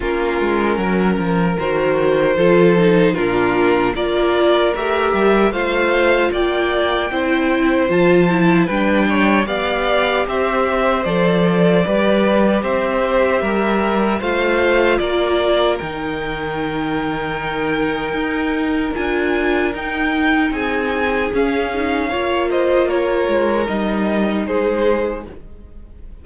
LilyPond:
<<
  \new Staff \with { instrumentName = "violin" } { \time 4/4 \tempo 4 = 76 ais'2 c''2 | ais'4 d''4 e''4 f''4 | g''2 a''4 g''4 | f''4 e''4 d''2 |
e''2 f''4 d''4 | g''1 | gis''4 g''4 gis''4 f''4~ | f''8 dis''8 cis''4 dis''4 c''4 | }
  \new Staff \with { instrumentName = "violin" } { \time 4/4 f'4 ais'2 a'4 | f'4 ais'2 c''4 | d''4 c''2 b'8 cis''8 | d''4 c''2 b'4 |
c''4 ais'4 c''4 ais'4~ | ais'1~ | ais'2 gis'2 | cis''8 c''8 ais'2 gis'4 | }
  \new Staff \with { instrumentName = "viola" } { \time 4/4 cis'2 fis'4 f'8 dis'8 | d'4 f'4 g'4 f'4~ | f'4 e'4 f'8 e'8 d'4 | g'2 a'4 g'4~ |
g'2 f'2 | dis'1 | f'4 dis'2 cis'8 dis'8 | f'2 dis'2 | }
  \new Staff \with { instrumentName = "cello" } { \time 4/4 ais8 gis8 fis8 f8 dis4 f4 | ais,4 ais4 a8 g8 a4 | ais4 c'4 f4 g4 | b4 c'4 f4 g4 |
c'4 g4 a4 ais4 | dis2. dis'4 | d'4 dis'4 c'4 cis'4 | ais4. gis8 g4 gis4 | }
>>